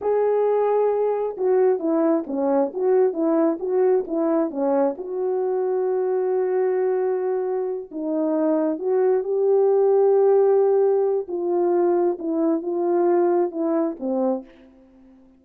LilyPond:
\new Staff \with { instrumentName = "horn" } { \time 4/4 \tempo 4 = 133 gis'2. fis'4 | e'4 cis'4 fis'4 e'4 | fis'4 e'4 cis'4 fis'4~ | fis'1~ |
fis'4. dis'2 fis'8~ | fis'8 g'2.~ g'8~ | g'4 f'2 e'4 | f'2 e'4 c'4 | }